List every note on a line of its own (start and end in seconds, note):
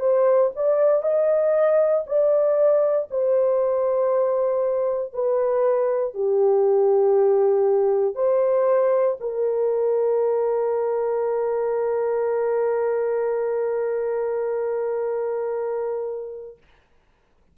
0.00 0.51 C5
0.56 1.03 D5
1.03 2.04 D#5
2.07 3.08 D5
3.11 5.14 C5
5.14 6.14 B4
6.14 8.15 G4
8.15 9.17 C5
9.20 16.58 A#4